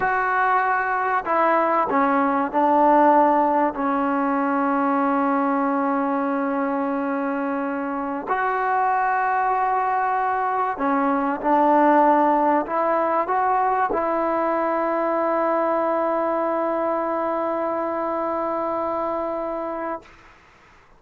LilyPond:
\new Staff \with { instrumentName = "trombone" } { \time 4/4 \tempo 4 = 96 fis'2 e'4 cis'4 | d'2 cis'2~ | cis'1~ | cis'4~ cis'16 fis'2~ fis'8.~ |
fis'4~ fis'16 cis'4 d'4.~ d'16~ | d'16 e'4 fis'4 e'4.~ e'16~ | e'1~ | e'1 | }